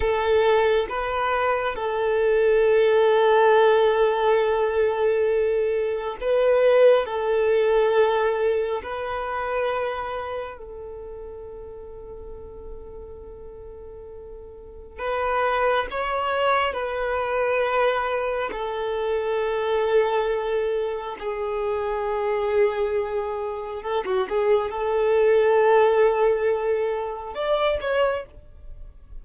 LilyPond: \new Staff \with { instrumentName = "violin" } { \time 4/4 \tempo 4 = 68 a'4 b'4 a'2~ | a'2. b'4 | a'2 b'2 | a'1~ |
a'4 b'4 cis''4 b'4~ | b'4 a'2. | gis'2. a'16 fis'16 gis'8 | a'2. d''8 cis''8 | }